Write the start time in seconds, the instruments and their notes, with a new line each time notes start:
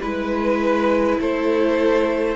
0.00 cello G#3, viola E4, violin B4
1.19 cello A3, violin A4 C5